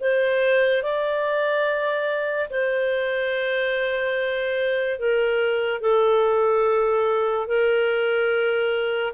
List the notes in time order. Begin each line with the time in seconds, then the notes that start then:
0.00 C5
0.82 D5
2.49 C5
4.98 A#4
5.81 A4
7.47 A#4